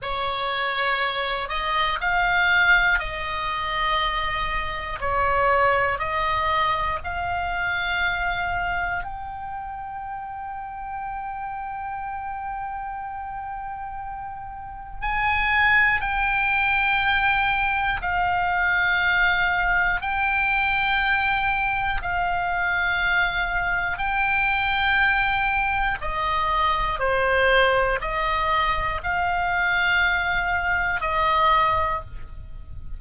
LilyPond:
\new Staff \with { instrumentName = "oboe" } { \time 4/4 \tempo 4 = 60 cis''4. dis''8 f''4 dis''4~ | dis''4 cis''4 dis''4 f''4~ | f''4 g''2.~ | g''2. gis''4 |
g''2 f''2 | g''2 f''2 | g''2 dis''4 c''4 | dis''4 f''2 dis''4 | }